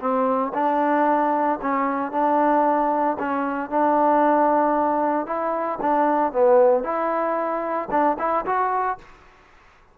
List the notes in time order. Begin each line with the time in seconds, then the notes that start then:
0.00 C4
0.54 D4
1.62 C#4
2.12 D4
3.19 C#4
3.70 D4
5.26 E4
5.81 D4
6.33 B3
6.83 E4
7.91 D4
8.19 E4
8.45 F#4